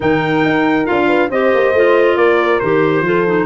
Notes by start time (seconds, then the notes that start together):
0.00 D#3 D#4 A#4 G5
0.44 D#4
0.85 D4 F4 F5
1.07 B4
1.29 C4 G4 C5 D#5
1.54 A#3
1.73 A3 F4
2.16 A#3 A#4 D5
2.59 D#3 G4 C5
3.01 F3 F4 A4
3.26 D#4